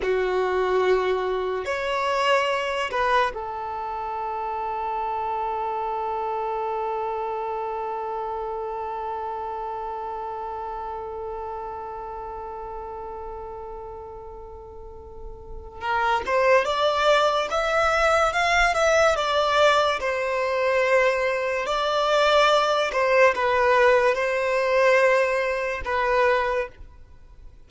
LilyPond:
\new Staff \with { instrumentName = "violin" } { \time 4/4 \tempo 4 = 72 fis'2 cis''4. b'8 | a'1~ | a'1~ | a'1~ |
a'2. ais'8 c''8 | d''4 e''4 f''8 e''8 d''4 | c''2 d''4. c''8 | b'4 c''2 b'4 | }